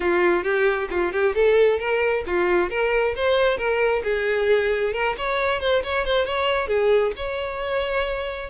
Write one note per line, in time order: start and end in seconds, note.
0.00 0.43 F4
0.43 0.88 G4
0.90 1.12 F4
1.12 1.34 G4
1.34 1.79 A4
1.79 2.24 A#4
2.26 2.69 F4
2.69 3.14 A#4
3.15 3.57 C5
3.57 4.02 A#4
4.03 4.93 G#4
4.93 5.15 A#4
5.17 5.60 C#5
5.60 5.82 C5
5.83 6.05 C#5
6.05 6.25 C5
6.25 6.67 C#5
6.67 7.12 G#4
7.16 8.49 C#5